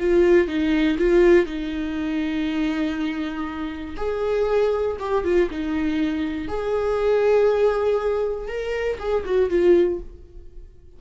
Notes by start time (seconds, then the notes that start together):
0.00 F4
0.48 D#4
0.99 F4
1.46 D#4
3.97 G#4
5.00 G4
5.25 F4
5.51 D#4
6.49 G#4
8.48 A#4
8.99 G#4
9.25 F#4
9.50 F4